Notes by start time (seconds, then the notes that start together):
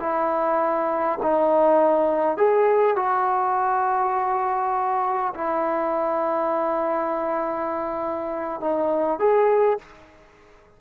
0.00 E4
1.23 D#4
2.37 G#4
2.96 F#4
5.34 E4
8.60 D#4
9.19 G#4